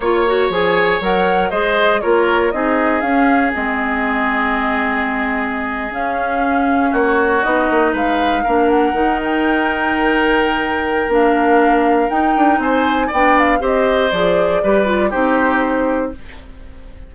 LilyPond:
<<
  \new Staff \with { instrumentName = "flute" } { \time 4/4 \tempo 4 = 119 cis''4 gis''4 fis''4 dis''4 | cis''4 dis''4 f''4 dis''4~ | dis''2.~ dis''8. f''16~ | f''4.~ f''16 cis''4 dis''4 f''16~ |
f''4~ f''16 fis''4 g''4.~ g''16~ | g''2 f''2 | g''4 gis''4 g''8 f''8 dis''4 | d''2 c''2 | }
  \new Staff \with { instrumentName = "oboe" } { \time 4/4 cis''2. c''4 | ais'4 gis'2.~ | gis'1~ | gis'4.~ gis'16 fis'2 b'16~ |
b'8. ais'2.~ ais'16~ | ais'1~ | ais'4 c''4 d''4 c''4~ | c''4 b'4 g'2 | }
  \new Staff \with { instrumentName = "clarinet" } { \time 4/4 f'8 fis'8 gis'4 ais'4 gis'4 | f'4 dis'4 cis'4 c'4~ | c'2.~ c'8. cis'16~ | cis'2~ cis'8. dis'4~ dis'16~ |
dis'8. d'4 dis'2~ dis'16~ | dis'2 d'2 | dis'2 d'4 g'4 | gis'4 g'8 f'8 dis'2 | }
  \new Staff \with { instrumentName = "bassoon" } { \time 4/4 ais4 f4 fis4 gis4 | ais4 c'4 cis'4 gis4~ | gis2.~ gis8. cis'16~ | cis'4.~ cis'16 ais4 b8 ais8 gis16~ |
gis8. ais4 dis2~ dis16~ | dis2 ais2 | dis'8 d'8 c'4 b4 c'4 | f4 g4 c'2 | }
>>